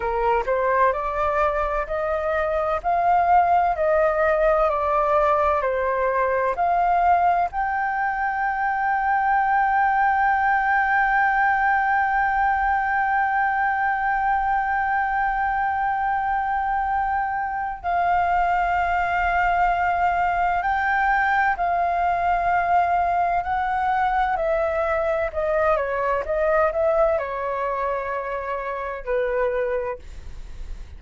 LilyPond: \new Staff \with { instrumentName = "flute" } { \time 4/4 \tempo 4 = 64 ais'8 c''8 d''4 dis''4 f''4 | dis''4 d''4 c''4 f''4 | g''1~ | g''1~ |
g''2. f''4~ | f''2 g''4 f''4~ | f''4 fis''4 e''4 dis''8 cis''8 | dis''8 e''8 cis''2 b'4 | }